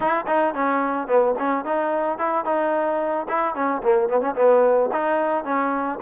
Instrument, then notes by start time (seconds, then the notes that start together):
trombone
0.00 E4
0.27 D#4
0.54 C#4
1.07 B3
1.38 C#4
1.64 D#4
2.18 E4
2.44 D#4
3.28 E4
3.55 C#4
3.83 A#3
4.09 B3
4.21 C#4
4.35 B3
4.92 D#4
5.44 C#4